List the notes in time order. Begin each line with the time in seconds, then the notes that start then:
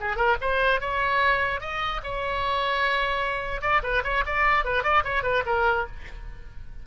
0.00 G#4
0.16 A#4
0.41 C5
0.81 C#5
1.61 D#5
2.03 C#5
3.61 D5
3.83 B4
4.04 C#5
4.26 D5
4.65 B4
4.83 D5
5.04 C#5
5.23 B4
5.46 A#4